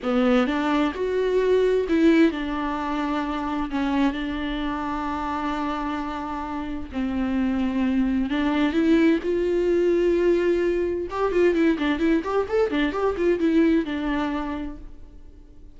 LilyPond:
\new Staff \with { instrumentName = "viola" } { \time 4/4 \tempo 4 = 130 b4 d'4 fis'2 | e'4 d'2. | cis'4 d'2.~ | d'2. c'4~ |
c'2 d'4 e'4 | f'1 | g'8 f'8 e'8 d'8 e'8 g'8 a'8 d'8 | g'8 f'8 e'4 d'2 | }